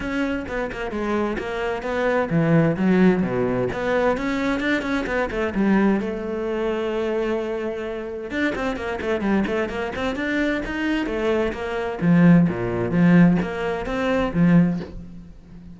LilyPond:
\new Staff \with { instrumentName = "cello" } { \time 4/4 \tempo 4 = 130 cis'4 b8 ais8 gis4 ais4 | b4 e4 fis4 b,4 | b4 cis'4 d'8 cis'8 b8 a8 | g4 a2.~ |
a2 d'8 c'8 ais8 a8 | g8 a8 ais8 c'8 d'4 dis'4 | a4 ais4 f4 ais,4 | f4 ais4 c'4 f4 | }